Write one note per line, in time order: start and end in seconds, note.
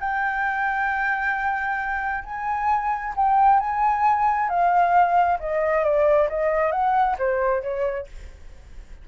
0.00 2.24 G5
2.24 3.14 G#5
3.16 3.60 G5
3.60 4.49 G#5
4.49 5.39 F5
5.40 5.84 D#5
5.84 6.28 D5
6.29 6.71 D#5
6.71 7.16 F#5
7.18 7.62 C5
7.62 8.07 C#5